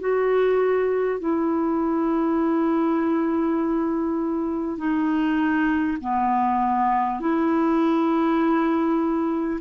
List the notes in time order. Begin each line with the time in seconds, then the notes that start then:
0.00 F#4
1.19 E4
4.78 D#4
6.01 B3
7.20 E4